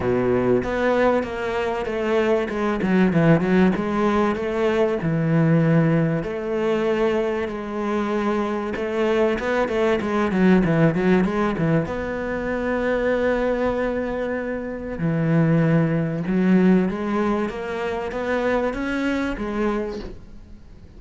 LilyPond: \new Staff \with { instrumentName = "cello" } { \time 4/4 \tempo 4 = 96 b,4 b4 ais4 a4 | gis8 fis8 e8 fis8 gis4 a4 | e2 a2 | gis2 a4 b8 a8 |
gis8 fis8 e8 fis8 gis8 e8 b4~ | b1 | e2 fis4 gis4 | ais4 b4 cis'4 gis4 | }